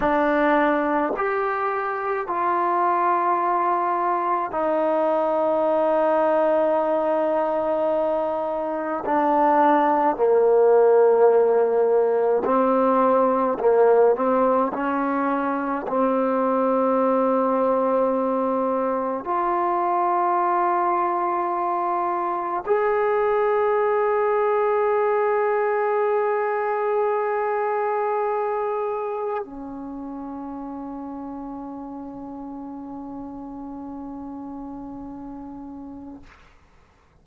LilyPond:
\new Staff \with { instrumentName = "trombone" } { \time 4/4 \tempo 4 = 53 d'4 g'4 f'2 | dis'1 | d'4 ais2 c'4 | ais8 c'8 cis'4 c'2~ |
c'4 f'2. | gis'1~ | gis'2 cis'2~ | cis'1 | }